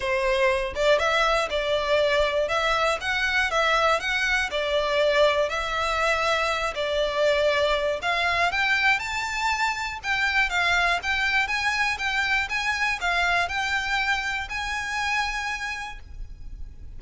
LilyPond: \new Staff \with { instrumentName = "violin" } { \time 4/4 \tempo 4 = 120 c''4. d''8 e''4 d''4~ | d''4 e''4 fis''4 e''4 | fis''4 d''2 e''4~ | e''4. d''2~ d''8 |
f''4 g''4 a''2 | g''4 f''4 g''4 gis''4 | g''4 gis''4 f''4 g''4~ | g''4 gis''2. | }